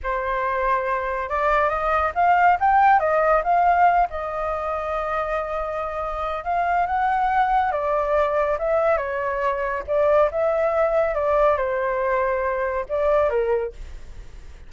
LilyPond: \new Staff \with { instrumentName = "flute" } { \time 4/4 \tempo 4 = 140 c''2. d''4 | dis''4 f''4 g''4 dis''4 | f''4. dis''2~ dis''8~ | dis''2. f''4 |
fis''2 d''2 | e''4 cis''2 d''4 | e''2 d''4 c''4~ | c''2 d''4 ais'4 | }